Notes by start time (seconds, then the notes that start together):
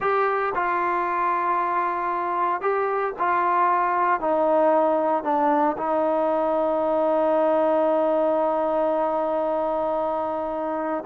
0.00 G4
0.54 F4
2.61 G4
3.18 F4
4.20 D#4
5.23 D4
5.77 D#4